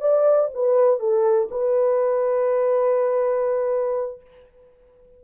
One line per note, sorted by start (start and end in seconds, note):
0.00 0.49 D5
0.54 0.99 B4
0.99 1.48 A4
1.50 4.21 B4